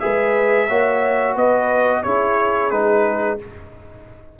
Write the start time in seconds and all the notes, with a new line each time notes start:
0.00 G#3 G#4 B4 E5
0.68 A#3 F#4 C#5
1.35 B3 B4 D#5
2.03 C#4 E4 G#4 C#5
2.71 G#3 D#4 B4